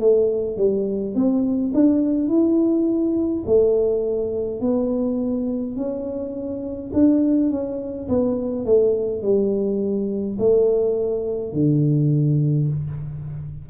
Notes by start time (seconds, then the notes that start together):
0.00 A3
0.58 G3
1.15 C4
1.75 D4
2.29 E4
3.46 A3
4.61 B3
5.77 C#4
6.94 D4
7.51 C#4
8.09 B3
8.65 A3
9.23 G3
10.39 A3
11.53 D3